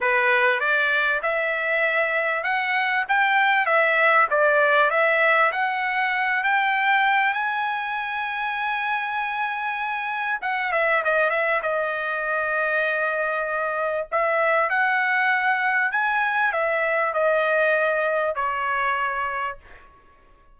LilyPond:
\new Staff \with { instrumentName = "trumpet" } { \time 4/4 \tempo 4 = 98 b'4 d''4 e''2 | fis''4 g''4 e''4 d''4 | e''4 fis''4. g''4. | gis''1~ |
gis''4 fis''8 e''8 dis''8 e''8 dis''4~ | dis''2. e''4 | fis''2 gis''4 e''4 | dis''2 cis''2 | }